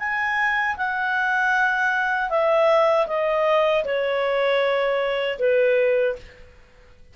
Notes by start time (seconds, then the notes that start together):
0.00 G#5
0.77 F#5
2.30 E5
3.08 D#5
3.85 C#5
5.39 B4